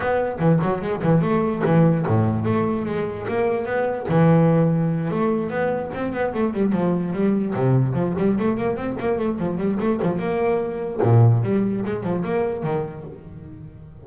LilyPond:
\new Staff \with { instrumentName = "double bass" } { \time 4/4 \tempo 4 = 147 b4 e8 fis8 gis8 e8 a4 | e4 a,4 a4 gis4 | ais4 b4 e2~ | e8 a4 b4 c'8 b8 a8 |
g8 f4 g4 c4 f8 | g8 a8 ais8 c'8 ais8 a8 f8 g8 | a8 f8 ais2 ais,4 | g4 gis8 f8 ais4 dis4 | }